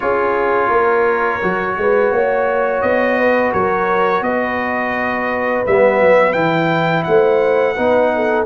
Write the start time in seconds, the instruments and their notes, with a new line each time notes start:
0.00 tuba C#4, trombone F4, horn G#4, trumpet C#5
0.68 tuba A#3, horn A#4
1.42 tuba F#3, trombone F#4
1.77 tuba G#3, horn B4
2.11 tuba A#3, horn C#5
2.81 tuba B3, trumpet D#5
3.19 horn B4
3.52 tuba F#3, horn A#4, trumpet C#5
4.21 tuba B3, horn B4, trumpet D#5
5.66 tuba G3, trombone B3, trumpet E5
6.01 tuba F#3
6.32 tuba E3, trombone E4, trumpet G5
7.03 tuba A3, horn C5, trumpet F#5
7.75 tuba B3, trombone D#4, horn B4
8.14 horn A4